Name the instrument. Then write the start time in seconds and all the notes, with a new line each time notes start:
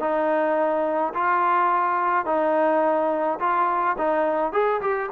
trombone
0.00 D#4
1.14 F4
2.26 D#4
3.40 F4
3.98 D#4
4.53 G#4
4.81 G4